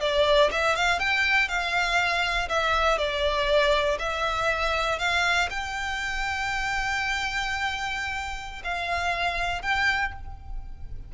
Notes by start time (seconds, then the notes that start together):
0.00 D5
0.51 E5
0.75 F5
0.99 G5
1.48 F5
2.48 E5
2.97 D5
3.98 E5
4.98 F5
5.50 G5
8.64 F5
9.62 G5